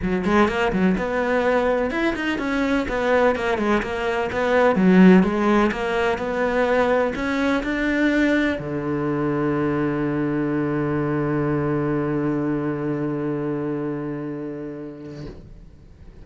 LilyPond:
\new Staff \with { instrumentName = "cello" } { \time 4/4 \tempo 4 = 126 fis8 gis8 ais8 fis8 b2 | e'8 dis'8 cis'4 b4 ais8 gis8 | ais4 b4 fis4 gis4 | ais4 b2 cis'4 |
d'2 d2~ | d1~ | d1~ | d1 | }